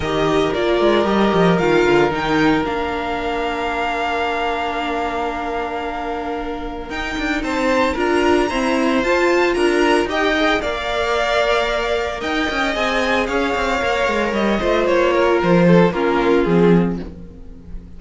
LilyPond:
<<
  \new Staff \with { instrumentName = "violin" } { \time 4/4 \tempo 4 = 113 dis''4 d''4 dis''4 f''4 | g''4 f''2.~ | f''1~ | f''4 g''4 a''4 ais''4~ |
ais''4 a''4 ais''4 g''4 | f''2. g''4 | gis''4 f''2 dis''4 | cis''4 c''4 ais'4 gis'4 | }
  \new Staff \with { instrumentName = "violin" } { \time 4/4 ais'1~ | ais'1~ | ais'1~ | ais'2 c''4 ais'4 |
c''2 ais'4 dis''4 | d''2. dis''4~ | dis''4 cis''2~ cis''8 c''8~ | c''8 ais'4 a'8 f'2 | }
  \new Staff \with { instrumentName = "viola" } { \time 4/4 g'4 f'4 g'4 f'4 | dis'4 d'2.~ | d'1~ | d'4 dis'2 f'4 |
c'4 f'2 g'8 gis'8 | ais'1 | gis'2 ais'4. f'8~ | f'2 cis'4 c'4 | }
  \new Staff \with { instrumentName = "cello" } { \time 4/4 dis4 ais8 gis8 g8 f8 dis8 d8 | dis4 ais2.~ | ais1~ | ais4 dis'8 d'8 c'4 d'4 |
e'4 f'4 d'4 dis'4 | ais2. dis'8 cis'8 | c'4 cis'8 c'8 ais8 gis8 g8 a8 | ais4 f4 ais4 f4 | }
>>